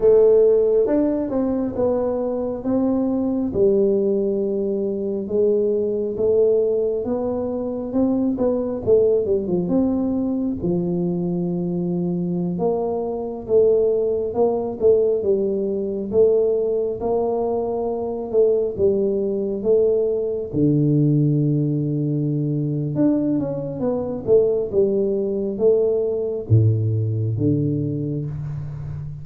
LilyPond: \new Staff \with { instrumentName = "tuba" } { \time 4/4 \tempo 4 = 68 a4 d'8 c'8 b4 c'4 | g2 gis4 a4 | b4 c'8 b8 a8 g16 f16 c'4 | f2~ f16 ais4 a8.~ |
a16 ais8 a8 g4 a4 ais8.~ | ais8. a8 g4 a4 d8.~ | d2 d'8 cis'8 b8 a8 | g4 a4 a,4 d4 | }